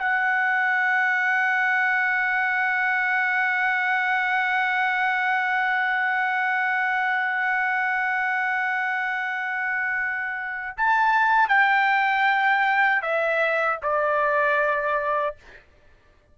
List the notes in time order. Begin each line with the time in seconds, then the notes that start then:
0.00 F#5
10.78 A5
11.49 G5
13.02 E5
13.83 D5